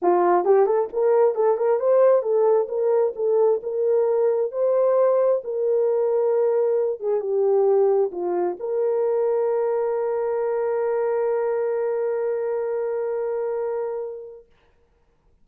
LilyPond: \new Staff \with { instrumentName = "horn" } { \time 4/4 \tempo 4 = 133 f'4 g'8 a'8 ais'4 a'8 ais'8 | c''4 a'4 ais'4 a'4 | ais'2 c''2 | ais'2.~ ais'8 gis'8 |
g'2 f'4 ais'4~ | ais'1~ | ais'1~ | ais'1 | }